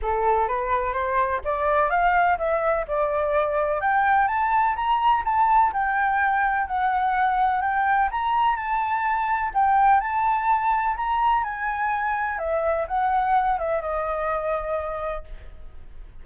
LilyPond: \new Staff \with { instrumentName = "flute" } { \time 4/4 \tempo 4 = 126 a'4 b'4 c''4 d''4 | f''4 e''4 d''2 | g''4 a''4 ais''4 a''4 | g''2 fis''2 |
g''4 ais''4 a''2 | g''4 a''2 ais''4 | gis''2 e''4 fis''4~ | fis''8 e''8 dis''2. | }